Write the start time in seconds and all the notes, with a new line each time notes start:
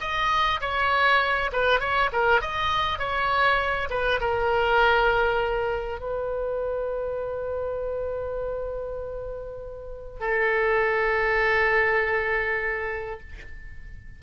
0.00 D#5
0.60 C#5
1.52 B4
1.80 C#5
2.12 A#4
2.41 D#5
2.98 C#5
3.90 B4
4.20 A#4
6.00 B4
10.20 A4